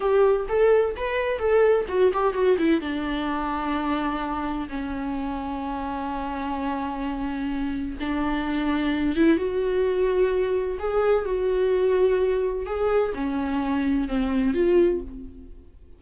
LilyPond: \new Staff \with { instrumentName = "viola" } { \time 4/4 \tempo 4 = 128 g'4 a'4 b'4 a'4 | fis'8 g'8 fis'8 e'8 d'2~ | d'2 cis'2~ | cis'1~ |
cis'4 d'2~ d'8 e'8 | fis'2. gis'4 | fis'2. gis'4 | cis'2 c'4 f'4 | }